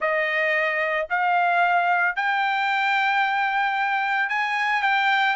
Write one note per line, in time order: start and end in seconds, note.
0.00 1.07 D#5
1.09 2.16 F5
2.16 4.29 G5
4.29 4.82 G#5
4.82 5.35 G5